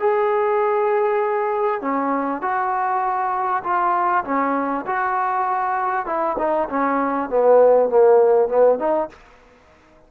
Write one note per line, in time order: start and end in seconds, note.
0.00 1.82 G#4
1.82 2.42 C#4
2.42 3.63 F#4
3.64 4.25 F4
4.25 4.86 C#4
4.87 6.06 F#4
6.06 6.37 E4
6.39 6.69 D#4
6.70 7.30 C#4
7.30 7.90 B3
7.90 8.49 A#3
8.49 8.79 B3
8.79 9.10 D#4